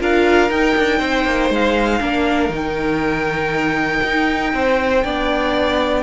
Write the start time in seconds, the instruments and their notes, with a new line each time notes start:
0.00 cello D4, viola F4, violin A#4 F5
0.50 cello D#4, viola D#4, violin G5
0.77 cello D4
0.99 cello C4, violin C5
1.25 cello A#3
1.50 cello G#3, violin F5
2.00 cello A#3, viola D4, violin A#4
2.49 cello D#3, viola D#4, violin G5
4.03 cello D#4
4.53 cello C4, violin C5
5.04 cello B3, viola D4, violin D5